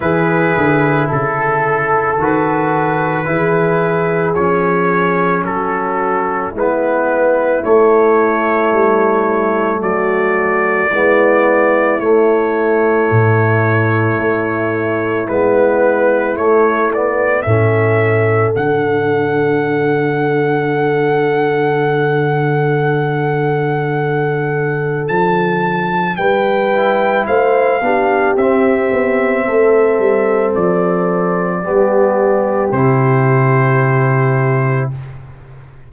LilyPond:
<<
  \new Staff \with { instrumentName = "trumpet" } { \time 4/4 \tempo 4 = 55 b'4 a'4 b'2 | cis''4 a'4 b'4 cis''4~ | cis''4 d''2 cis''4~ | cis''2 b'4 cis''8 d''8 |
e''4 fis''2.~ | fis''2. a''4 | g''4 f''4 e''2 | d''2 c''2 | }
  \new Staff \with { instrumentName = "horn" } { \time 4/4 gis'4 a'2 gis'4~ | gis'4 fis'4 e'2~ | e'4 fis'4 e'2~ | e'1 |
a'1~ | a'1 | b'4 c''8 g'4. a'4~ | a'4 g'2. | }
  \new Staff \with { instrumentName = "trombone" } { \time 4/4 e'2 fis'4 e'4 | cis'2 b4 a4~ | a2 b4 a4~ | a2 b4 a8 b8 |
cis'4 d'2.~ | d'1~ | d'8 e'4 d'8 c'2~ | c'4 b4 e'2 | }
  \new Staff \with { instrumentName = "tuba" } { \time 4/4 e8 d8 cis4 dis4 e4 | f4 fis4 gis4 a4 | g4 fis4 gis4 a4 | a,4 a4 gis4 a4 |
a,4 d2.~ | d2. f4 | g4 a8 b8 c'8 b8 a8 g8 | f4 g4 c2 | }
>>